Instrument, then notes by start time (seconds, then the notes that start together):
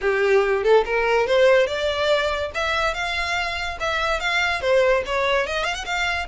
violin
0.01 G4
0.63 A4
0.85 A#4
1.26 C5
1.66 D5
2.54 E5
2.94 F5
3.80 E5
4.20 F5
4.61 C5
5.06 C#5
5.46 D#5
5.63 F5
5.74 F#5
5.85 F5